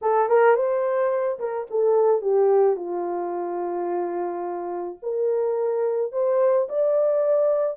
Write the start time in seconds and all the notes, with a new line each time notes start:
0.02 A4
0.29 A#4
0.55 C5
1.39 A#4
1.70 A4
2.21 G4
2.76 F4
5.02 A#4
6.11 C5
6.68 D5